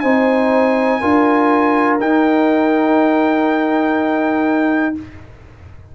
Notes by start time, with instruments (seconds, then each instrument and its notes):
0.00 tuba C4, trombone D#4, horn C5, trumpet G#5
1.00 tuba D4, trombone F4, horn A#4
2.00 trombone D#4, tuba D#4, trumpet G5